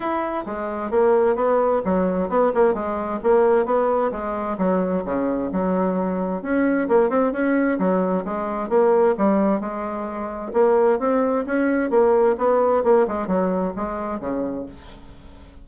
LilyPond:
\new Staff \with { instrumentName = "bassoon" } { \time 4/4 \tempo 4 = 131 e'4 gis4 ais4 b4 | fis4 b8 ais8 gis4 ais4 | b4 gis4 fis4 cis4 | fis2 cis'4 ais8 c'8 |
cis'4 fis4 gis4 ais4 | g4 gis2 ais4 | c'4 cis'4 ais4 b4 | ais8 gis8 fis4 gis4 cis4 | }